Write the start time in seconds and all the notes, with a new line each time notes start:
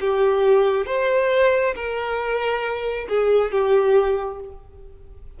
0.00 G4
0.86 C5
1.75 A#4
3.08 G#4
3.51 G4